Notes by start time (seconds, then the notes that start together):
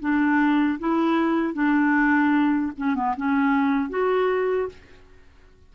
0.00 D4
0.80 E4
1.54 D4
2.78 C#4
2.95 B3
3.17 C#4
3.90 F#4